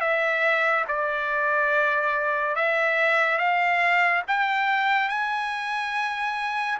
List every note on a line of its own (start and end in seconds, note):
0.00 0.85 E5
0.88 2.55 D5
2.55 3.38 E5
3.38 4.22 F5
4.27 5.09 G5
5.09 6.78 G#5